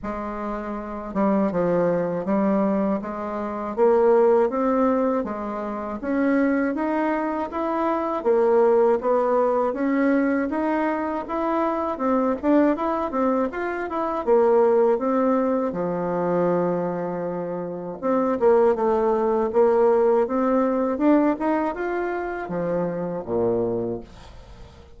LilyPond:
\new Staff \with { instrumentName = "bassoon" } { \time 4/4 \tempo 4 = 80 gis4. g8 f4 g4 | gis4 ais4 c'4 gis4 | cis'4 dis'4 e'4 ais4 | b4 cis'4 dis'4 e'4 |
c'8 d'8 e'8 c'8 f'8 e'8 ais4 | c'4 f2. | c'8 ais8 a4 ais4 c'4 | d'8 dis'8 f'4 f4 ais,4 | }